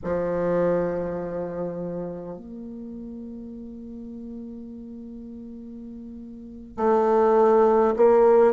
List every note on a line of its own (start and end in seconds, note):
0.03 2.37 F3
2.37 6.76 A#3
6.76 7.94 A3
7.96 8.53 A#3